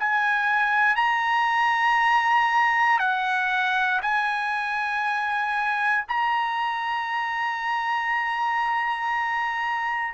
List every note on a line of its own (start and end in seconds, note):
0.00 0.96 G#5
0.96 3.00 A#5
3.00 4.01 F#5
4.02 6.06 G#5
6.09 10.14 A#5